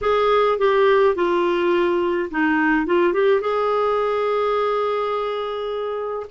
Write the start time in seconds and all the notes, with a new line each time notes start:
0.01 G#4
0.58 G4
1.15 F4
2.31 D#4
2.86 F4
3.13 G4
3.40 G#4